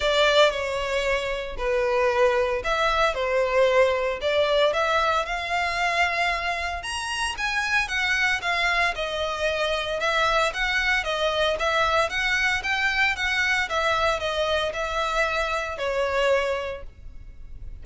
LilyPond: \new Staff \with { instrumentName = "violin" } { \time 4/4 \tempo 4 = 114 d''4 cis''2 b'4~ | b'4 e''4 c''2 | d''4 e''4 f''2~ | f''4 ais''4 gis''4 fis''4 |
f''4 dis''2 e''4 | fis''4 dis''4 e''4 fis''4 | g''4 fis''4 e''4 dis''4 | e''2 cis''2 | }